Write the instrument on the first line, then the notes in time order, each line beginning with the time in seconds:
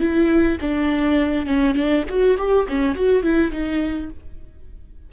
viola
0.00 E4
0.61 D4
1.46 C#4
1.75 D4
2.09 F#4
2.38 G4
2.68 C#4
2.95 F#4
3.23 E4
3.51 D#4